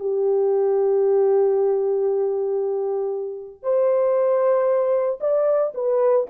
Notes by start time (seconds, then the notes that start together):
0.00 G4
3.63 C5
5.21 D5
5.75 B4